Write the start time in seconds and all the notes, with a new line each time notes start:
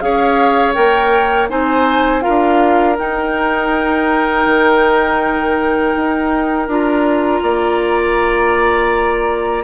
0.00 C#4 G#4 C#5 F5
0.74 A#3 A#4 G5
1.50 C4 D#4 C5 G#5
2.21 F4 A#4 F5
2.29 D4
2.99 D#4 G5
4.46 D#3
5.97 D#4
6.68 D4 F4 A#5
7.43 A#3 D5